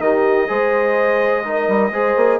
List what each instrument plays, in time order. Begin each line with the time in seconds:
0.00 bassoon D#3, trombone D#4, horn G4, trumpet D#5
0.48 bassoon G#3, trombone G#4, horn C5
1.44 trombone D#4, horn A#4
1.68 bassoon G3
1.91 bassoon G#3, trombone G#4, horn C5
2.17 bassoon A#3